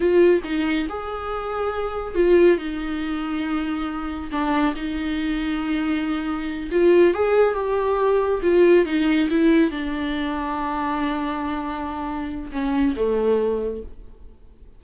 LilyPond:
\new Staff \with { instrumentName = "viola" } { \time 4/4 \tempo 4 = 139 f'4 dis'4 gis'2~ | gis'4 f'4 dis'2~ | dis'2 d'4 dis'4~ | dis'2.~ dis'8 f'8~ |
f'8 gis'4 g'2 f'8~ | f'8 dis'4 e'4 d'4.~ | d'1~ | d'4 cis'4 a2 | }